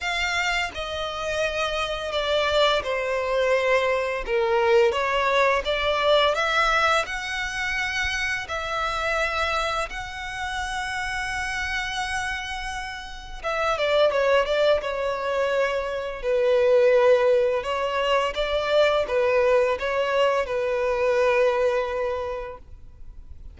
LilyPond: \new Staff \with { instrumentName = "violin" } { \time 4/4 \tempo 4 = 85 f''4 dis''2 d''4 | c''2 ais'4 cis''4 | d''4 e''4 fis''2 | e''2 fis''2~ |
fis''2. e''8 d''8 | cis''8 d''8 cis''2 b'4~ | b'4 cis''4 d''4 b'4 | cis''4 b'2. | }